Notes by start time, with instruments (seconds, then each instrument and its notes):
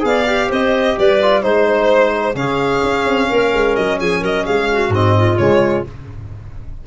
0.00 tuba B3, trombone G#4, violin F5
0.06 clarinet D5
0.26 trombone G4
0.48 tuba C4, clarinet C5, violin D#5
0.98 tuba G3, clarinet B4, violin D5
1.22 trombone F4
1.42 tuba G#3, trombone D#4, clarinet C5, violin C5
2.34 tuba C#3, trombone C#4, clarinet G#4, violin F5
2.83 tuba C#4
3.04 tuba C4
3.28 tuba A#3, clarinet A#4
3.53 tuba G#3
3.75 tuba F#3, violin D#5
3.99 tuba F3, clarinet G#4, violin G#5
4.20 tuba F#3, clarinet A#4, violin D#5
4.45 tuba G#3, clarinet G#4, violin F5
4.71 clarinet F#4
4.88 tuba G#2, trombone C4, violin D#5
5.16 clarinet F4
5.37 tuba C#3, trombone G#3, violin C#5